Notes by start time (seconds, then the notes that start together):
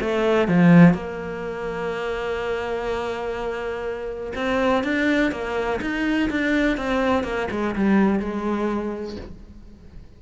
0.00 A3
0.48 F3
0.94 A#3
4.35 C4
4.83 D4
5.31 A#3
5.81 D#4
6.30 D4
6.77 C4
7.23 A#3
7.51 G#3
7.75 G3
8.19 G#3